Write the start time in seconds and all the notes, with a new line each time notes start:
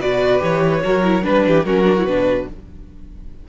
0.00 B2 F#4 B4 D5
0.39 E3 G4 C#5
0.82 F#3 F#4 A#4
1.03 E4
1.22 G3 D4 B4
1.47 E3 G4
1.65 F#3 C#4 F#4 A#4
1.85 D4
1.98 E4
2.04 B2 D4 B4